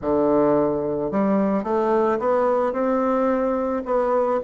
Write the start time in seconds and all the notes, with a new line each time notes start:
0.01 D3
1.11 G3
1.63 A3
2.19 B3
2.72 C4
3.85 B3